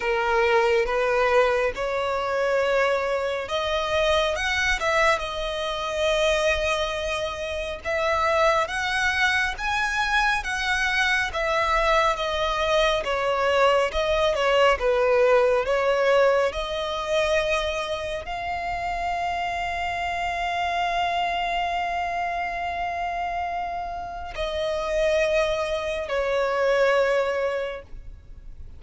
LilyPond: \new Staff \with { instrumentName = "violin" } { \time 4/4 \tempo 4 = 69 ais'4 b'4 cis''2 | dis''4 fis''8 e''8 dis''2~ | dis''4 e''4 fis''4 gis''4 | fis''4 e''4 dis''4 cis''4 |
dis''8 cis''8 b'4 cis''4 dis''4~ | dis''4 f''2.~ | f''1 | dis''2 cis''2 | }